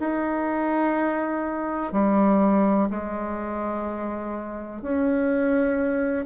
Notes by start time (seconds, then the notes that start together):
0.00 D#4
1.93 G3
2.90 G#3
4.82 C#4